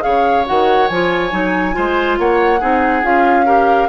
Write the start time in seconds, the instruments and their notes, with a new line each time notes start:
0.00 bassoon C#3, clarinet G#4, oboe C#5, flute F5
0.46 bassoon D#3, clarinet F#4, flute F#5
0.87 bassoon F3, clarinet F4, flute G#5
1.31 bassoon F#3, clarinet D#4
1.72 bassoon G#3, clarinet F4, oboe C5
2.18 bassoon A#3, oboe C#5, flute F#5
2.60 bassoon C4, clarinet D#4, oboe G#4
3.02 bassoon C#4, clarinet F4, flute F5
3.45 clarinet G4, oboe A#4